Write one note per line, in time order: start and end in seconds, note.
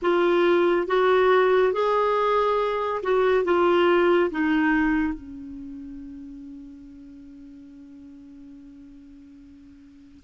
0.02 0.87 F4
0.87 1.73 F#4
1.73 3.01 G#4
3.02 3.44 F#4
3.44 4.30 F4
4.31 5.13 D#4
5.13 10.24 C#4